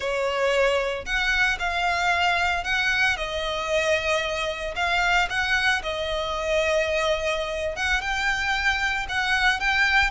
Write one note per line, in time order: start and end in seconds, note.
0.00 1.05 C#5
1.05 1.58 F#5
1.59 2.64 F5
2.64 3.16 F#5
3.17 4.74 D#5
4.75 5.28 F5
5.29 5.82 F#5
5.83 7.75 D#5
7.75 8.01 F#5
8.01 9.06 G5
9.08 9.60 F#5
9.60 10.10 G5